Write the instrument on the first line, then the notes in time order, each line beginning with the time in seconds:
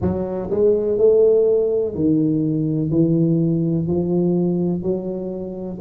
tuba
0.01 F#3
0.50 G#3
0.98 A3
1.94 D#3
2.90 E3
3.87 F3
4.82 F#3